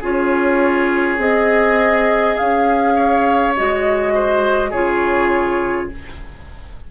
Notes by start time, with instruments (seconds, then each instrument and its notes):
0.00 bassoon C#4, clarinet F4, oboe G#4, flute C#5
1.18 bassoon C4, clarinet G#4, flute D#5
2.37 bassoon C#4, flute F5
2.96 oboe C#5
3.56 bassoon G#3, clarinet F#4, flute D#5
4.15 oboe C5
4.70 bassoon C#3, clarinet F4, oboe G#4, flute C#5